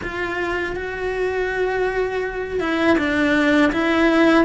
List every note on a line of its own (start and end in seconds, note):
0.02 0.76 F4
0.76 2.60 F#4
2.60 2.97 E4
2.98 3.72 D4
3.72 4.44 E4